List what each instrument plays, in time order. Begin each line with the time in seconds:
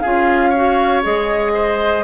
0.00 bassoon C#4, clarinet F4, oboe G#4, flute F5
0.50 clarinet F#4, oboe C#5
1.03 bassoon G#3, clarinet G#4, flute D#5
1.54 oboe C5